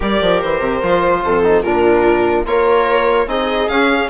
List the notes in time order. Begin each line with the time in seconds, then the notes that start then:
0.00 G3 G4 A#4 D5
0.21 F3
0.41 E3 C5
0.60 C3
0.82 F3 F4
1.25 F2 A4
1.43 D#4
1.62 A#2 D4 F4 A#4
2.45 A#3 F4 A#4 C#5
3.26 C4 D#4 G#4 D#5
3.68 C#4 F5